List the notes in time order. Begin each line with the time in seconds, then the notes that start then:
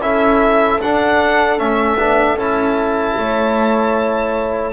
0.00 C#4 E4 A4 E5
0.81 D4 F#5
1.59 A3 C#4 E5
1.96 B3 D4
2.35 C#4 E4 A5
3.18 A3 C#5